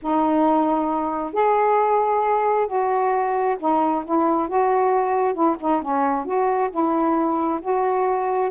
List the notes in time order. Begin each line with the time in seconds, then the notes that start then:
0.01 D#4
1.33 G#4
2.67 F#4
3.59 D#4
4.05 E4
4.48 F#4
5.34 E4
5.60 D#4
5.81 C#4
6.25 F#4
6.70 E4
7.61 F#4